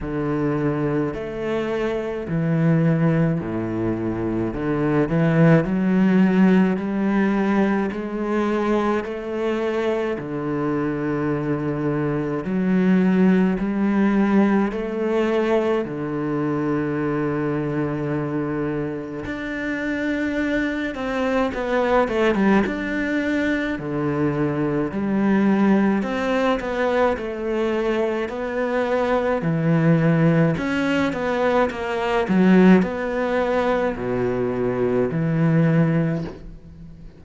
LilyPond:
\new Staff \with { instrumentName = "cello" } { \time 4/4 \tempo 4 = 53 d4 a4 e4 a,4 | d8 e8 fis4 g4 gis4 | a4 d2 fis4 | g4 a4 d2~ |
d4 d'4. c'8 b8 a16 g16 | d'4 d4 g4 c'8 b8 | a4 b4 e4 cis'8 b8 | ais8 fis8 b4 b,4 e4 | }